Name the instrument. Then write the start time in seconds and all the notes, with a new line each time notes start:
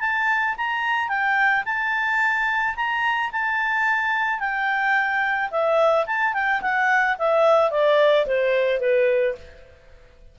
clarinet
0.00 A5
0.57 A#5
1.09 G5
1.65 A5
2.76 A#5
3.32 A5
4.40 G5
5.50 E5
6.06 A5
6.34 G5
6.62 F#5
7.18 E5
7.71 D5
8.26 C5
8.80 B4